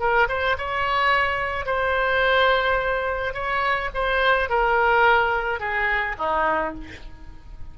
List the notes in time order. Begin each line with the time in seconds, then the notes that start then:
0.00 A#4
0.29 C5
0.58 C#5
1.66 C5
3.34 C#5
3.94 C5
4.49 A#4
5.60 G#4
6.18 D#4